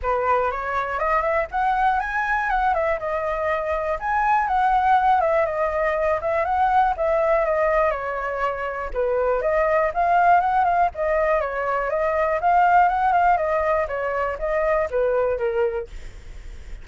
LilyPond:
\new Staff \with { instrumentName = "flute" } { \time 4/4 \tempo 4 = 121 b'4 cis''4 dis''8 e''8 fis''4 | gis''4 fis''8 e''8 dis''2 | gis''4 fis''4. e''8 dis''4~ | dis''8 e''8 fis''4 e''4 dis''4 |
cis''2 b'4 dis''4 | f''4 fis''8 f''8 dis''4 cis''4 | dis''4 f''4 fis''8 f''8 dis''4 | cis''4 dis''4 b'4 ais'4 | }